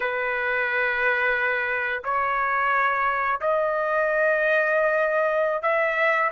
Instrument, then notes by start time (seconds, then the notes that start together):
trumpet
0.00 B4
2.04 C#5
3.40 D#5
5.62 E5